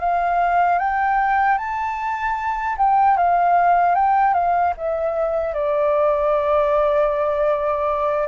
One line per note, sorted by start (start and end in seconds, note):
0.00 0.79 F5
0.79 1.58 G5
1.58 2.76 A5
2.78 3.17 G5
3.17 3.95 F5
3.95 4.34 G5
4.34 4.73 F5
4.77 5.54 E5
5.54 8.28 D5